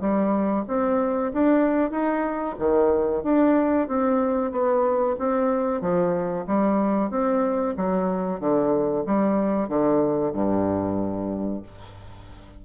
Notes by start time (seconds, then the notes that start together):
0.00 G3
0.68 C4
1.33 D4
1.90 D#4
2.58 D#3
3.23 D4
3.88 C4
4.51 B3
5.18 C4
5.81 F3
6.47 G3
7.10 C4
7.77 F#3
8.40 D3
9.06 G3
9.68 D3
10.33 G2